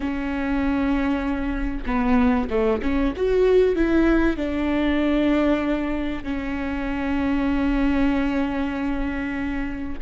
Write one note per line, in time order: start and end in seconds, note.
0.00 1.84 C#4
1.86 2.48 B3
2.49 2.81 A3
2.82 3.13 C#4
3.16 3.75 F#4
3.75 4.36 E4
4.36 6.23 D4
6.23 9.98 C#4